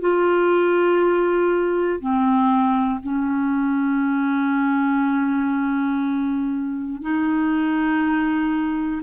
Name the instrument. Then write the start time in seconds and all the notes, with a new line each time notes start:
clarinet
0.00 F4
2.00 C4
3.02 C#4
7.02 D#4